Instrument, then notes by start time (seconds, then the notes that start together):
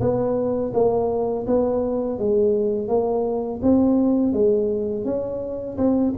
tuba
0.00 B3
0.73 A#3
1.47 B3
2.18 G#3
2.88 A#3
3.62 C4
4.32 G#3
5.04 C#4
5.77 C4